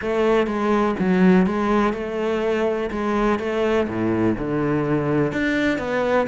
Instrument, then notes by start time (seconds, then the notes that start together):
cello
0.01 A3
0.47 G#3
0.99 F#3
1.46 G#3
1.93 A3
2.90 G#3
3.39 A3
3.88 A2
4.38 D3
5.32 D4
5.78 B3